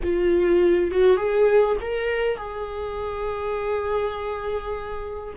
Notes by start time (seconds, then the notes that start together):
0.03 F4
0.91 F#4
1.16 G#4
1.80 A#4
2.37 G#4